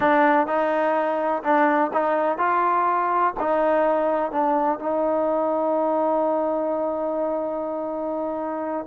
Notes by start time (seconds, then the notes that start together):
0.00 D4
0.46 D#4
1.43 D4
1.93 D#4
2.38 F4
3.39 D#4
4.31 D4
4.79 D#4